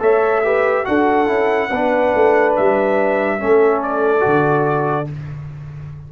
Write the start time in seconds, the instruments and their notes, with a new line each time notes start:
0.00 tuba A3, trombone A4, horn C#5, trumpet E5
0.45 trombone G4, horn B4
0.85 tuba D4, trombone F#4, horn A4, trumpet F#5
1.27 tuba C#4, trombone E4
1.70 tuba B3, trombone D4, horn B4
2.15 tuba A3
2.56 tuba G3, trumpet E5
3.39 tuba A3, trombone C#4, horn A4
3.83 trumpet D5
4.21 tuba D3, trombone F#4